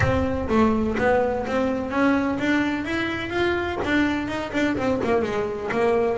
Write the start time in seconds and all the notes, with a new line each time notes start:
0.00 C4
0.48 A3
0.98 B3
1.46 C4
1.90 C#4
2.39 D4
2.84 E4
3.29 F4
3.84 D4
4.27 D#4
4.52 D4
4.77 C4
5.03 A#3
5.22 G#3
5.71 A#3